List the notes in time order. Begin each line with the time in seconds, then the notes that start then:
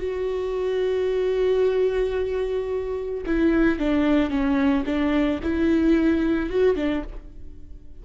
0.00 F#4
3.27 E4
3.79 D4
4.30 C#4
4.86 D4
5.43 E4
6.50 F#4
6.76 D4